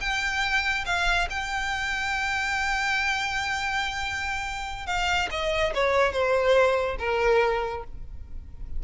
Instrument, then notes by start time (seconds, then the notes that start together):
violin
0.00 G5
0.85 F5
1.30 G5
4.86 F5
5.30 D#5
5.74 C#5
6.12 C5
6.99 A#4